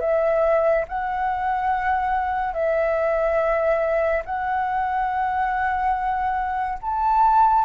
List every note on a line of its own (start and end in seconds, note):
0.00 0.85 E5
0.88 2.53 F#5
2.53 4.22 E5
4.25 6.78 F#5
6.81 7.65 A5